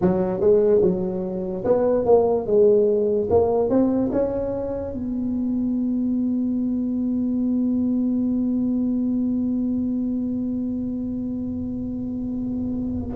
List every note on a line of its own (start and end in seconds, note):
0.01 0.40 F#3
0.40 0.81 G#3
0.81 1.64 F#3
1.64 2.05 B3
2.05 2.46 A#3
2.46 3.28 G#3
3.30 3.69 A#3
3.69 4.10 C4
4.12 4.94 C#4
4.94 13.15 B3